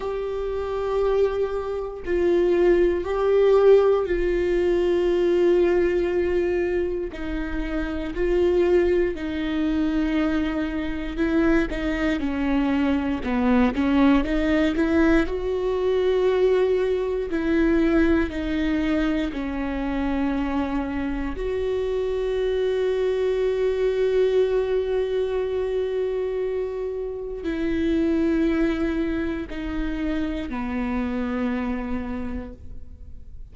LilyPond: \new Staff \with { instrumentName = "viola" } { \time 4/4 \tempo 4 = 59 g'2 f'4 g'4 | f'2. dis'4 | f'4 dis'2 e'8 dis'8 | cis'4 b8 cis'8 dis'8 e'8 fis'4~ |
fis'4 e'4 dis'4 cis'4~ | cis'4 fis'2.~ | fis'2. e'4~ | e'4 dis'4 b2 | }